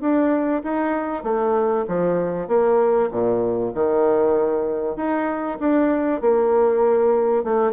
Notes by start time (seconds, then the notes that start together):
0.00 D4
0.63 D#4
1.23 A3
1.88 F3
2.47 A#3
3.10 A#2
3.74 D#3
4.96 D#4
5.59 D4
6.21 A#3
7.43 A3